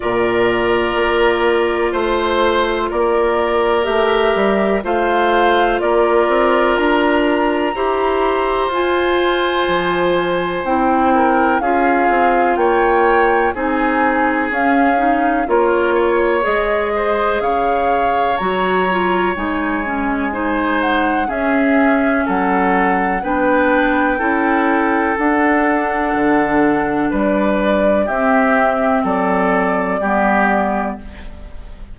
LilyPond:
<<
  \new Staff \with { instrumentName = "flute" } { \time 4/4 \tempo 4 = 62 d''2 c''4 d''4 | e''4 f''4 d''4 ais''4~ | ais''4 gis''2 g''4 | f''4 g''4 gis''4 f''4 |
cis''4 dis''4 f''4 ais''4 | gis''4. fis''8 e''4 fis''4 | g''2 fis''2 | d''4 e''4 d''2 | }
  \new Staff \with { instrumentName = "oboe" } { \time 4/4 ais'2 c''4 ais'4~ | ais'4 c''4 ais'2 | c''2.~ c''8 ais'8 | gis'4 cis''4 gis'2 |
ais'8 cis''4 c''8 cis''2~ | cis''4 c''4 gis'4 a'4 | b'4 a'2. | b'4 g'4 a'4 g'4 | }
  \new Staff \with { instrumentName = "clarinet" } { \time 4/4 f'1 | g'4 f'2. | g'4 f'2 e'4 | f'2 dis'4 cis'8 dis'8 |
f'4 gis'2 fis'8 f'8 | dis'8 cis'8 dis'4 cis'2 | d'4 e'4 d'2~ | d'4 c'2 b4 | }
  \new Staff \with { instrumentName = "bassoon" } { \time 4/4 ais,4 ais4 a4 ais4 | a8 g8 a4 ais8 c'8 d'4 | e'4 f'4 f4 c'4 | cis'8 c'8 ais4 c'4 cis'4 |
ais4 gis4 cis4 fis4 | gis2 cis'4 fis4 | b4 cis'4 d'4 d4 | g4 c'4 fis4 g4 | }
>>